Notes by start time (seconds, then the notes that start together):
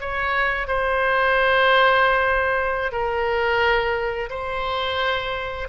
0.00 C#5
0.67 C5
2.92 A#4
4.30 C5